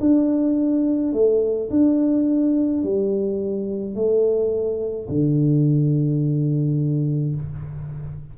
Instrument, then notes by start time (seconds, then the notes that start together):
tuba
0.00 D4
1.13 A3
1.70 D4
2.83 G3
3.95 A3
5.08 D3